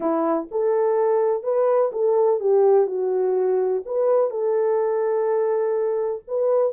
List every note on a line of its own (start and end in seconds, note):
0.00 0.48 E4
0.51 1.43 A4
1.43 1.91 B4
1.92 2.40 A4
2.40 2.87 G4
2.87 3.83 F#4
3.85 4.30 B4
4.30 6.22 A4
6.27 6.72 B4